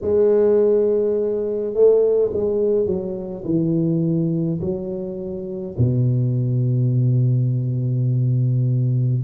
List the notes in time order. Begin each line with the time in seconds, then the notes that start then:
0.01 G#3
1.74 A3
2.33 G#3
2.85 F#3
3.45 E3
4.60 F#3
5.77 B2